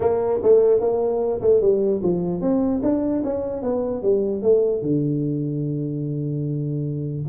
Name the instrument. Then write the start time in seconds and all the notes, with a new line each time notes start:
tuba
0.00 A#3
0.42 A3
0.80 A#3
1.41 A3
1.61 G3
2.02 F3
2.41 C4
2.82 D4
3.24 C#4
3.62 B3
4.02 G3
4.42 A3
4.82 D3